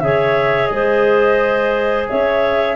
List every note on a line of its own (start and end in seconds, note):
0.00 0.69 C#3
0.00 2.76 G#4
0.00 0.73 C#5
0.00 0.67 E5
0.67 2.08 G#3
0.67 2.05 D#5
0.73 2.09 C5
2.09 2.76 C#4
2.09 2.76 C#5
2.09 2.76 E5